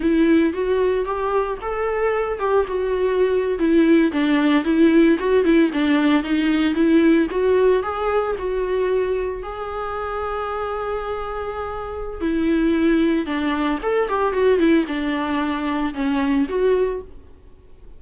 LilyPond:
\new Staff \with { instrumentName = "viola" } { \time 4/4 \tempo 4 = 113 e'4 fis'4 g'4 a'4~ | a'8 g'8 fis'4.~ fis'16 e'4 d'16~ | d'8. e'4 fis'8 e'8 d'4 dis'16~ | dis'8. e'4 fis'4 gis'4 fis'16~ |
fis'4.~ fis'16 gis'2~ gis'16~ | gis'2. e'4~ | e'4 d'4 a'8 g'8 fis'8 e'8 | d'2 cis'4 fis'4 | }